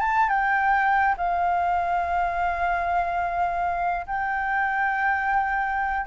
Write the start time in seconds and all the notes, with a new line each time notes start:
0.00 A5
0.29 G5
1.17 F5
4.06 G5